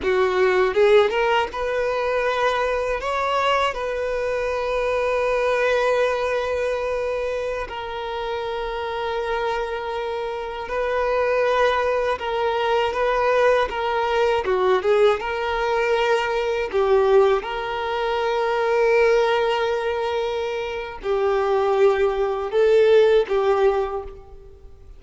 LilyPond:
\new Staff \with { instrumentName = "violin" } { \time 4/4 \tempo 4 = 80 fis'4 gis'8 ais'8 b'2 | cis''4 b'2.~ | b'2~ b'16 ais'4.~ ais'16~ | ais'2~ ais'16 b'4.~ b'16~ |
b'16 ais'4 b'4 ais'4 fis'8 gis'16~ | gis'16 ais'2 g'4 ais'8.~ | ais'1 | g'2 a'4 g'4 | }